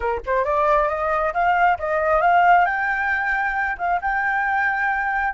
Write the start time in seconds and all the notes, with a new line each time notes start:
0.00 A#4
0.26 C5
0.44 D5
0.88 D#5
1.33 F5
1.78 D#5
2.21 F5
2.65 G5
3.78 F5
4.01 G5